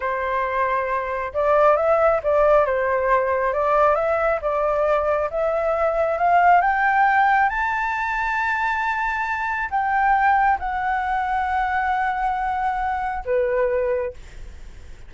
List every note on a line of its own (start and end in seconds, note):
0.00 1.32 C5
1.33 1.76 D5
1.76 2.20 E5
2.23 2.65 D5
2.65 3.53 C5
3.53 3.95 D5
3.95 4.39 E5
4.41 5.29 D5
5.30 6.18 E5
6.18 6.61 F5
6.61 7.49 G5
7.49 9.69 A5
9.70 10.58 G5
10.59 13.24 F#5
13.25 14.13 B4